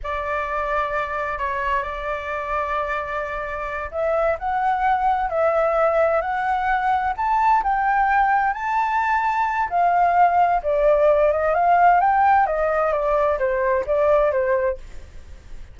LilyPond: \new Staff \with { instrumentName = "flute" } { \time 4/4 \tempo 4 = 130 d''2. cis''4 | d''1~ | d''8 e''4 fis''2 e''8~ | e''4. fis''2 a''8~ |
a''8 g''2 a''4.~ | a''4 f''2 d''4~ | d''8 dis''8 f''4 g''4 dis''4 | d''4 c''4 d''4 c''4 | }